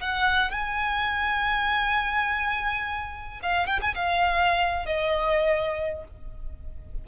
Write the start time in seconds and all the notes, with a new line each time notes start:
0.00 F#5
0.50 G#5
3.42 F5
3.67 G5
3.81 G#5
3.94 F5
4.86 D#5